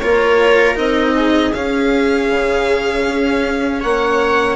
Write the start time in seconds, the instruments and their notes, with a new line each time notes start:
0.00 bassoon A#3, cello F4, viola A#4, violin C#5
0.75 bassoon C4, cello D#4, violin D#5
1.16 viola G#4
1.53 bassoon C#4, cello C#4, violin F5
2.31 bassoon C#3
3.07 bassoon C#4
3.81 bassoon A#3, viola C#5, violin F#5